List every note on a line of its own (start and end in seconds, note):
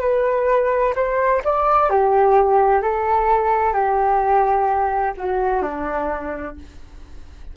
0.00 0.94 B4
0.95 1.42 C5
1.44 1.89 D5
1.89 2.82 G4
2.82 3.73 A4
3.73 5.13 G4
5.17 5.62 F#4
5.62 6.55 D4